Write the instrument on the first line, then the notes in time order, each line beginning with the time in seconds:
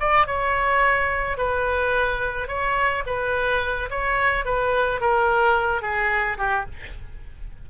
oboe
0.00 D5
0.27 C#5
1.37 B4
2.48 C#5
3.06 B4
3.90 C#5
4.45 B4
5.01 A#4
5.82 G#4
6.38 G4